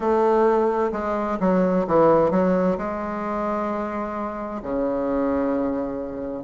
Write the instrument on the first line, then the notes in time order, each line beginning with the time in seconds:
bassoon
0.00 A3
0.92 G#3
1.40 F#3
1.87 E3
2.31 F#3
2.77 G#3
4.62 C#3